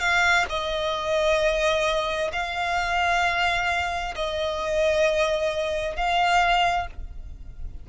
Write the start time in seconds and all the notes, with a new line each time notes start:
0.00 F5
0.49 D#5
2.33 F5
4.15 D#5
5.96 F5